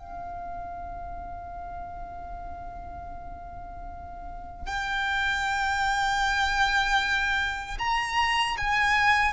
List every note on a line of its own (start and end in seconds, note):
0.00 4.67 F5
4.67 7.79 G5
7.79 8.57 A#5
8.58 9.33 G#5